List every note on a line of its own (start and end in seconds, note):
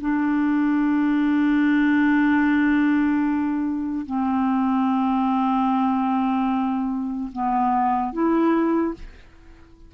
0.00 4.05 D4
4.06 7.30 C4
7.32 8.13 B3
8.13 8.94 E4